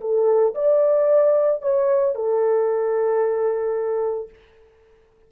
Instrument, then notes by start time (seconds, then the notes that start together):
horn
0.00 A4
0.54 D5
1.61 C#5
2.15 A4